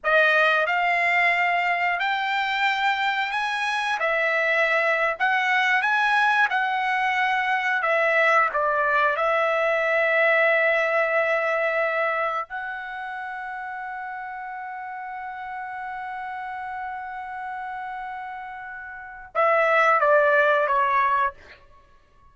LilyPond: \new Staff \with { instrumentName = "trumpet" } { \time 4/4 \tempo 4 = 90 dis''4 f''2 g''4~ | g''4 gis''4 e''4.~ e''16 fis''16~ | fis''8. gis''4 fis''2 e''16~ | e''8. d''4 e''2~ e''16~ |
e''2~ e''8. fis''4~ fis''16~ | fis''1~ | fis''1~ | fis''4 e''4 d''4 cis''4 | }